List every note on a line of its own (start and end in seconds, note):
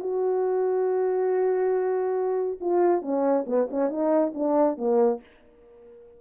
0.00 2.59 F#4
2.61 3.02 F4
3.02 3.45 C#4
3.47 3.68 B3
3.70 3.89 C#4
3.89 4.33 D#4
4.34 4.77 D4
4.77 5.21 A#3